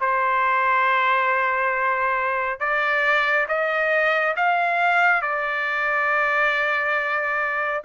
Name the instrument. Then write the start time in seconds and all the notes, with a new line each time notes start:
trumpet
0.00 C5
2.59 D5
3.48 D#5
4.36 F5
5.22 D5